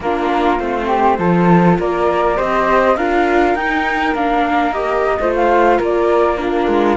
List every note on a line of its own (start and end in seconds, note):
0.00 0.59 A#3
0.00 0.59 D4
0.00 0.87 F4
0.00 0.59 A#4
0.59 1.19 A3
0.59 1.18 C4
0.59 1.78 C5
0.87 1.16 G4
1.18 1.78 F3
1.18 2.36 F4
1.18 1.78 A4
1.79 2.38 A#3
1.79 2.37 A#4
1.79 2.38 D5
2.36 2.97 C4
2.36 2.95 G4
2.36 2.96 C5
2.36 2.97 D#5
2.97 3.55 D4
2.97 3.57 F4
2.97 5.19 A#4
2.97 3.55 F5
3.55 4.14 D#4
3.55 4.15 D#4
3.55 4.14 G5
4.14 5.18 A#3
4.14 4.73 D4
4.14 4.73 F5
4.73 5.17 G4
4.73 5.32 D#5
5.20 5.79 A3
5.20 6.37 F4
5.20 5.78 C5
5.35 5.80 F5
5.78 6.67 A#3
5.78 6.37 A#4
5.84 6.37 D5
6.37 6.96 D4
6.37 6.97 F4
6.37 6.96 A#4
6.67 6.97 G#3